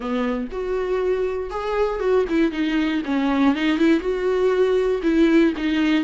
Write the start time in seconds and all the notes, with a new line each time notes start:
0.00 B3
0.51 F#4
1.50 G#4
1.99 F#4
2.29 E4
2.51 D#4
3.05 C#4
3.55 D#4
3.77 E4
4.00 F#4
5.03 E4
5.57 D#4